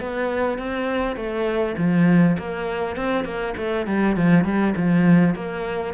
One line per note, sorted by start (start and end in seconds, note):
0.00 0.58 B3
0.58 1.16 C4
1.16 1.76 A3
1.77 2.37 F3
2.38 2.96 A#3
2.96 3.25 C4
3.25 3.54 A#3
3.57 3.86 A3
3.86 4.16 G3
4.16 4.44 F3
4.44 4.74 G3
4.76 5.35 F3
5.35 5.94 A#3